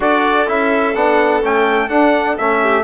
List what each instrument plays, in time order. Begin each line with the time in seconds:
0.00 bassoon D4, trombone F#4, violin A4, trumpet D5
0.46 bassoon C#4, trombone E4, trumpet E5
0.95 bassoon B3, trombone D4, trumpet F#5
1.43 bassoon A3, trombone C#4, trumpet G5
1.88 bassoon D4, trombone D4, trumpet F#5
2.37 bassoon A3, trombone C#4, trumpet E5
2.61 violin G4